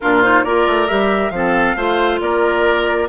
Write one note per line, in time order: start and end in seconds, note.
0.00 0.45 A#2
0.00 0.23 D4
0.00 0.44 F4
0.00 0.21 A#4
0.21 0.45 D#4
0.21 0.43 C5
0.44 0.66 A#3
0.44 0.87 F4
0.44 1.32 A#4
0.44 0.87 D5
0.66 0.89 A3
0.87 1.30 G3
0.87 1.32 G4
0.87 1.30 E5
1.30 1.74 F3
1.30 1.77 C4
1.30 1.76 A4
1.30 2.18 F5
1.75 2.19 A3
1.75 3.08 F4
1.75 2.20 C5
2.20 3.08 A#3
2.20 3.08 A#4
2.20 3.08 D5